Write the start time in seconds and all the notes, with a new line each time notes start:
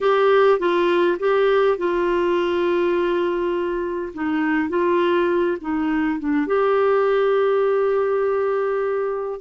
0.01 G4
0.59 F4
1.19 G4
1.77 F4
4.13 D#4
4.69 F4
5.60 D#4
6.19 D4
6.46 G4